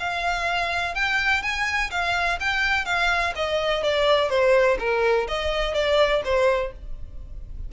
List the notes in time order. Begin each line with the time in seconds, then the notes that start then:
0.00 F5
0.95 G5
1.43 G#5
1.91 F5
2.41 G5
2.86 F5
3.36 D#5
3.84 D5
4.30 C5
4.80 A#4
5.28 D#5
5.74 D5
6.25 C5